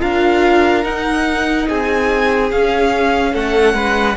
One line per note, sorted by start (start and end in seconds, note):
0.00 0.85 D4
0.00 0.83 F4
0.00 1.68 A#4
0.00 0.85 F5
0.84 2.50 D#4
0.84 1.68 D#4
0.84 1.68 F#5
1.68 2.52 C4
1.68 3.33 G#4
1.68 2.52 G#5
2.52 3.35 C#4
2.52 4.17 C#4
2.52 3.35 F5
3.33 3.74 A3
3.33 3.75 A4
3.33 4.17 F#5
3.74 4.16 G#3
3.74 4.16 B4